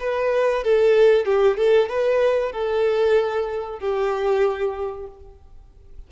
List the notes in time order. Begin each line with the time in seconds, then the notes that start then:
0.00 B4
0.64 A4
1.25 G4
1.57 A4
1.89 B4
2.52 A4
3.79 G4